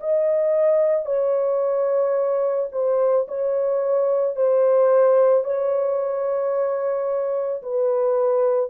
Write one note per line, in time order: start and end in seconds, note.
0.00 1.06 D#5
1.06 2.70 C#5
2.72 3.27 C5
3.28 4.36 C#5
4.36 5.44 C5
5.44 7.62 C#5
7.63 8.70 B4